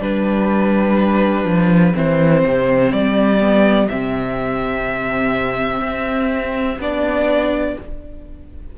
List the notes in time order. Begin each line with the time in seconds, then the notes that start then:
0.00 G3 D4 G4 B4
1.45 F3
1.94 E3 C4 C5
2.44 C3
2.92 G3 D5
3.40 B3
3.89 C3 C4 E5
5.81 C4
6.79 B3 D4 D5